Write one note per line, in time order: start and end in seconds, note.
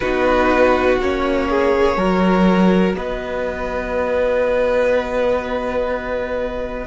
0.00 0.99 B3
0.00 1.00 D#4
0.00 1.48 F#4
0.00 0.97 B4
0.99 1.97 A#3
0.99 1.97 C#4
0.99 2.95 C#5
1.48 1.97 G#4
1.97 2.93 F#3
1.97 6.87 F#4
1.97 2.96 A#4
2.93 6.87 B3
2.93 6.87 B4
2.93 6.87 D#5